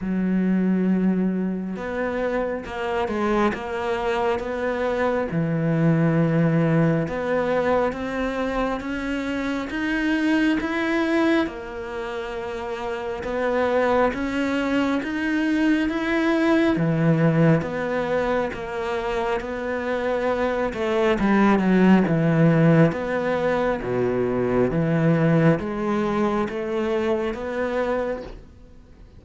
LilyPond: \new Staff \with { instrumentName = "cello" } { \time 4/4 \tempo 4 = 68 fis2 b4 ais8 gis8 | ais4 b4 e2 | b4 c'4 cis'4 dis'4 | e'4 ais2 b4 |
cis'4 dis'4 e'4 e4 | b4 ais4 b4. a8 | g8 fis8 e4 b4 b,4 | e4 gis4 a4 b4 | }